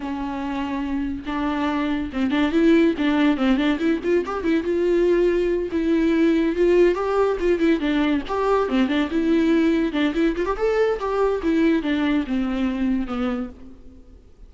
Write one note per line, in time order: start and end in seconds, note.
0.00 1.24 C#4
1.25 2.10 D4
2.13 2.30 C4
2.30 2.52 D4
2.52 2.94 E4
2.98 3.37 D4
3.37 3.57 C4
3.57 3.78 D4
3.79 4.00 E4
4.03 4.24 F4
4.25 4.43 G4
4.43 4.63 E4
4.63 5.69 F4
5.71 6.55 E4
6.55 6.94 F4
6.94 7.37 G4
7.40 7.59 F4
7.59 7.79 E4
7.79 8.22 D4
8.28 8.68 G4
8.68 8.88 C4
8.88 9.09 D4
9.10 9.92 E4
9.92 10.13 D4
10.14 10.35 E4
10.36 10.45 F4
10.45 10.56 G4
10.56 10.99 A4
10.99 11.41 G4
11.42 11.82 E4
11.82 12.24 D4
12.26 13.07 C4
13.07 13.49 B3